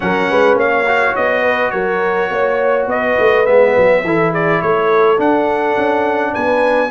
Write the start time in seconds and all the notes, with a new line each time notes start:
0.00 F#3 C#4 A#4 F#5
0.30 G#3 B4
0.55 A#3 C#5 F5
0.87 F#4
1.15 B3 D#5
1.42 B4
1.70 F#3 A#4 C#5
2.30 A#3 C#5
2.87 B3 B4 D#5
3.19 A3
3.46 G#3 B3 E5
3.77 F#3
4.03 E3 E4 A4
4.31 G#4 D5
4.61 A3 A4 C#5
5.17 D4 F#5
5.77 C#4
6.33 B3 B4 G#5